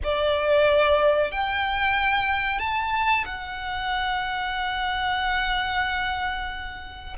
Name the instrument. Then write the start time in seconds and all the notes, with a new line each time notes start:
violin
0.03 D5
1.31 G5
2.59 A5
3.25 F#5